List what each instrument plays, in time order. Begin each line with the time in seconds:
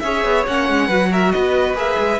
0.00 cello C#4, viola G#4, violin C#5 E5
0.24 cello B3
0.47 cello A#3, viola C#4, violin F#5
0.69 cello G#3
0.87 cello F#3, viola F#4, violin B4
1.11 violin A#4 E5
1.31 cello B3, violin B4 D#5
1.74 cello A#3, viola G#4, violin E5
1.99 cello G#3